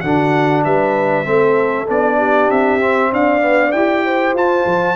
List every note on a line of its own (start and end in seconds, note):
0.00 0.65 D3
0.00 1.24 D4
0.00 0.64 F#4
0.00 0.62 F#5
0.64 1.26 G3
0.64 1.26 B4
0.64 1.87 E5
1.24 1.88 A3
1.24 1.86 C4
1.24 2.17 A4
1.87 2.49 B3
1.87 2.80 D4
1.87 2.50 D5
2.17 3.09 G4
2.49 3.11 C4
2.49 3.12 E5
2.80 3.40 C4
3.12 3.74 D4
3.12 4.05 D5
3.12 3.71 F5
3.40 3.71 B3
3.71 4.34 E4
3.71 4.36 G4
3.71 4.33 G5
4.05 4.95 C5
4.34 4.64 F4
4.34 4.95 F4
4.34 4.95 A5
4.65 4.95 F3